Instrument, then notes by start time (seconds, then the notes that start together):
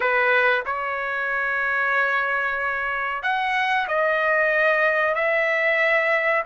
trumpet
0.00 B4
0.65 C#5
3.23 F#5
3.88 D#5
5.14 E5